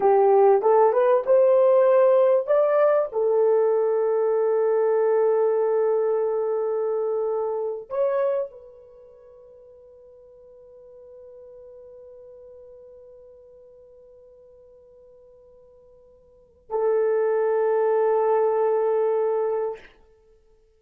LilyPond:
\new Staff \with { instrumentName = "horn" } { \time 4/4 \tempo 4 = 97 g'4 a'8 b'8 c''2 | d''4 a'2.~ | a'1~ | a'8. cis''4 b'2~ b'16~ |
b'1~ | b'1~ | b'2. a'4~ | a'1 | }